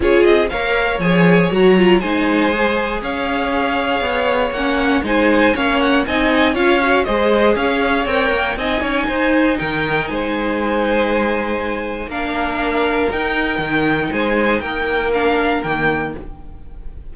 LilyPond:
<<
  \new Staff \with { instrumentName = "violin" } { \time 4/4 \tempo 4 = 119 cis''8 dis''8 f''4 gis''4 ais''4 | gis''2 f''2~ | f''4 fis''4 gis''4 f''8 fis''8 | gis''4 f''4 dis''4 f''4 |
g''4 gis''2 g''4 | gis''1 | f''2 g''2 | gis''4 g''4 f''4 g''4 | }
  \new Staff \with { instrumentName = "violin" } { \time 4/4 gis'4 cis''2. | c''2 cis''2~ | cis''2 c''4 cis''4 | dis''4 cis''4 c''4 cis''4~ |
cis''4 dis''8 cis''8 c''4 ais'4 | c''1 | ais'1 | c''4 ais'2. | }
  \new Staff \with { instrumentName = "viola" } { \time 4/4 f'4 ais'4 gis'4 fis'8 f'8 | dis'4 gis'2.~ | gis'4 cis'4 dis'4 cis'4 | dis'4 f'8 fis'8 gis'2 |
ais'4 dis'2.~ | dis'1 | d'2 dis'2~ | dis'2 d'4 ais4 | }
  \new Staff \with { instrumentName = "cello" } { \time 4/4 cis'8 c'8 ais4 f4 fis4 | gis2 cis'2 | b4 ais4 gis4 ais4 | c'4 cis'4 gis4 cis'4 |
c'8 ais8 c'8 cis'8 dis'4 dis4 | gis1 | ais2 dis'4 dis4 | gis4 ais2 dis4 | }
>>